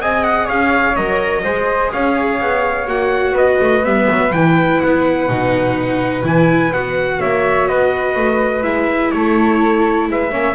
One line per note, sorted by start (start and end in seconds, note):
0.00 0.48 C4
0.00 0.96 G#4
0.00 0.45 D#5
0.00 0.24 G#5
0.24 0.48 F#5
0.45 0.96 C#4
0.45 1.41 C#5
0.45 0.96 F5
0.96 1.44 F#3
0.96 1.44 A#4
0.96 1.92 D#5
1.43 1.92 G#3
1.43 2.87 G#4
1.43 1.91 C5
1.92 2.41 C#4
1.92 3.33 C#5
1.92 2.88 F5
2.41 2.87 B3
2.87 3.31 A#3
2.87 3.83 F#4
2.87 3.36 F#5
3.31 3.56 B3
3.31 7.17 B4
3.31 3.85 D#5
3.60 3.85 A3
3.83 4.08 G3
3.83 4.31 B3
3.83 4.32 E5
4.10 4.33 F#3
4.32 4.81 E3
4.32 5.29 E4
4.32 4.80 G5
4.80 5.29 B3
4.80 6.24 F#5
5.29 6.24 B2
5.29 6.23 D#4
6.23 6.71 E3
6.23 6.71 E4
6.23 6.73 G#5
6.72 7.20 B3
6.72 8.62 F#4
6.72 7.21 F#5
7.20 7.68 A#3
7.20 7.68 C#5
7.20 7.67 E5
7.67 8.16 B3
7.67 9.12 B4
7.67 8.63 D#5
8.16 8.64 A3
8.62 9.12 G#3
8.62 10.30 E4
8.62 9.11 E5
9.11 10.09 A3
9.11 10.10 A4
9.11 10.07 C#5
10.09 10.32 G#3
10.09 10.31 B4
10.09 10.55 E5
10.31 10.55 A#3
10.31 10.55 C#4
10.31 10.55 C#5